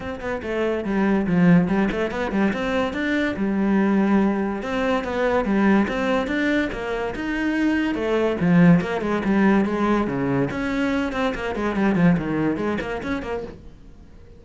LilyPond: \new Staff \with { instrumentName = "cello" } { \time 4/4 \tempo 4 = 143 c'8 b8 a4 g4 f4 | g8 a8 b8 g8 c'4 d'4 | g2. c'4 | b4 g4 c'4 d'4 |
ais4 dis'2 a4 | f4 ais8 gis8 g4 gis4 | cis4 cis'4. c'8 ais8 gis8 | g8 f8 dis4 gis8 ais8 cis'8 ais8 | }